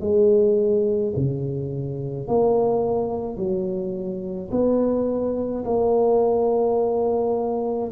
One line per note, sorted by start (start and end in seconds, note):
0.00 1.13 G#3
1.16 2.27 C#3
2.27 3.37 A#3
3.37 4.50 F#3
4.51 5.64 B3
5.64 7.91 A#3